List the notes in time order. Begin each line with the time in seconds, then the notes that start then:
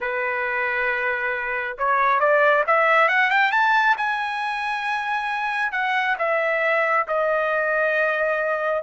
0.00 B4
1.78 C#5
2.20 D5
2.66 E5
3.08 F#5
3.30 G5
3.51 A5
3.97 G#5
5.72 F#5
6.18 E5
7.07 D#5